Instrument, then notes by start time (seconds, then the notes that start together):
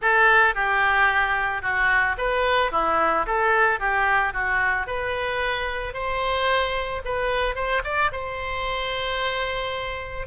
oboe
0.01 A4
0.54 G4
1.61 F#4
2.17 B4
2.71 E4
3.26 A4
3.79 G4
4.33 F#4
4.86 B4
5.93 C5
7.04 B4
7.55 C5
7.84 D5
8.12 C5